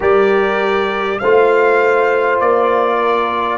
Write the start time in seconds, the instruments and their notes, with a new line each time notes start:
0.00 tuba G3, trombone G4, horn A#4, trumpet D5
1.18 tuba A3, trombone F4, horn C5, trumpet F5
2.40 tuba A#3, trumpet D5
2.98 horn A#4